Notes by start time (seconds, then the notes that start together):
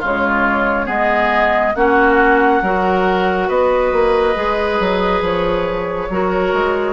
0.00 C#3 G#3 F4 C#5
0.86 G#3 B3 G#4 D#5
1.75 A#3 C#4 F#4 F#5
2.62 F#3 F#4 A#4
3.48 B3 B4 D#5
3.93 A#3
4.35 G#3 G#4
4.80 F#3
5.21 F3 C#5
6.10 F#3 F#4 A#4
6.53 G#3